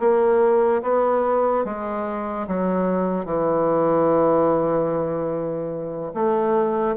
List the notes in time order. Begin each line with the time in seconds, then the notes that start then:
0.00 A#3
0.83 B3
1.65 G#3
2.48 F#3
3.25 E3
6.14 A3